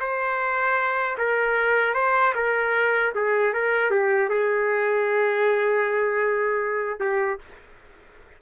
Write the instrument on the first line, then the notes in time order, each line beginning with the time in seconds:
trumpet
0.00 C5
1.18 A#4
1.94 C5
2.34 A#4
3.15 G#4
3.53 A#4
3.90 G4
4.29 G#4
7.00 G4